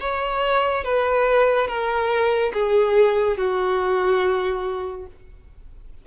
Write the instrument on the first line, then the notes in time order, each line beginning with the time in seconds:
violin
0.00 C#5
0.84 B4
1.67 A#4
2.53 G#4
3.37 F#4